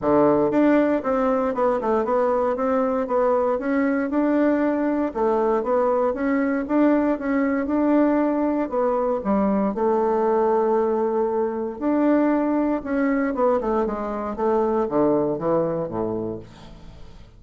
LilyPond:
\new Staff \with { instrumentName = "bassoon" } { \time 4/4 \tempo 4 = 117 d4 d'4 c'4 b8 a8 | b4 c'4 b4 cis'4 | d'2 a4 b4 | cis'4 d'4 cis'4 d'4~ |
d'4 b4 g4 a4~ | a2. d'4~ | d'4 cis'4 b8 a8 gis4 | a4 d4 e4 a,4 | }